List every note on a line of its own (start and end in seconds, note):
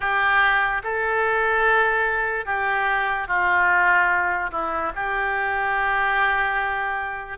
0.00 0.82 G4
0.83 2.45 A4
2.45 3.27 G4
3.27 4.51 F4
4.51 4.92 E4
4.95 7.37 G4